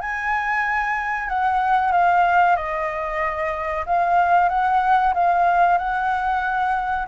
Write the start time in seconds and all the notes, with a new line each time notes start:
0.00 G#5
1.28 F#5
1.92 F5
2.56 D#5
3.86 F5
4.49 F#5
5.14 F5
5.78 F#5